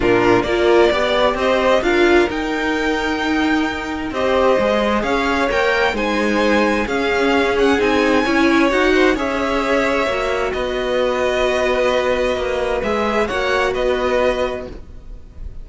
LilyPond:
<<
  \new Staff \with { instrumentName = "violin" } { \time 4/4 \tempo 4 = 131 ais'4 d''2 dis''4 | f''4 g''2.~ | g''4 dis''2 f''4 | g''4 gis''2 f''4~ |
f''8 fis''8 gis''2 fis''4 | e''2. dis''4~ | dis''1 | e''4 fis''4 dis''2 | }
  \new Staff \with { instrumentName = "violin" } { \time 4/4 f'4 ais'4 d''4 c''4 | ais'1~ | ais'4 c''2 cis''4~ | cis''4 c''2 gis'4~ |
gis'2 cis''4. c''8 | cis''2. b'4~ | b'1~ | b'4 cis''4 b'2 | }
  \new Staff \with { instrumentName = "viola" } { \time 4/4 d'4 f'4 g'2 | f'4 dis'2.~ | dis'4 g'4 gis'2 | ais'4 dis'2 cis'4~ |
cis'4 dis'4 e'4 fis'4 | gis'2 fis'2~ | fis'1 | gis'4 fis'2. | }
  \new Staff \with { instrumentName = "cello" } { \time 4/4 ais,4 ais4 b4 c'4 | d'4 dis'2.~ | dis'4 c'4 gis4 cis'4 | ais4 gis2 cis'4~ |
cis'4 c'4 cis'4 dis'4 | cis'2 ais4 b4~ | b2. ais4 | gis4 ais4 b2 | }
>>